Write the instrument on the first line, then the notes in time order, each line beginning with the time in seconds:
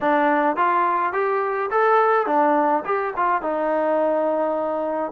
trombone
0.01 D4
0.56 F4
1.12 G4
1.70 A4
2.26 D4
2.85 G4
3.16 F4
3.41 D#4